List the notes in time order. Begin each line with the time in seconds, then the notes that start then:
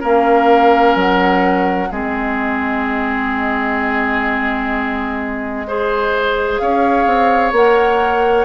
0.00 A#3 C#4 A#4 F5
0.95 F#3 F#5
1.91 G#3 C4 G#4 D#5
5.67 G#4 C5
6.58 C#4 C#5 F5
7.06 C4
7.52 A#3 A#4 F#5